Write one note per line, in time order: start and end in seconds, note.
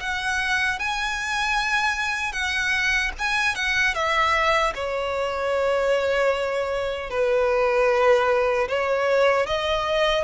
0.00 0.79 F#5
0.79 2.33 G#5
2.33 3.11 F#5
3.18 3.55 G#5
3.55 3.94 F#5
3.94 4.73 E5
4.75 7.10 C#5
7.10 8.68 B4
8.68 9.46 C#5
9.46 10.24 D#5